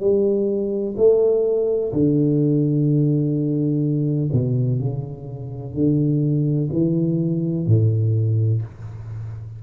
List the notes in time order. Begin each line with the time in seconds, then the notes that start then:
0.00 G3
0.97 A3
1.92 D3
4.32 B2
4.79 C#3
5.73 D3
6.72 E3
7.66 A2